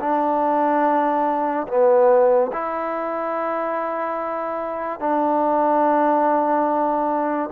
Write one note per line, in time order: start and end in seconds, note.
0.00 1.67 D4
1.67 2.51 B3
2.52 4.99 E4
4.99 7.49 D4